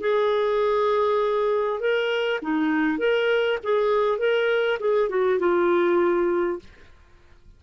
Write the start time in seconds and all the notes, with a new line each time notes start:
0.00 G#4
1.80 A#4
2.42 D#4
2.98 A#4
3.63 G#4
4.18 A#4
4.79 G#4
5.09 F#4
5.39 F4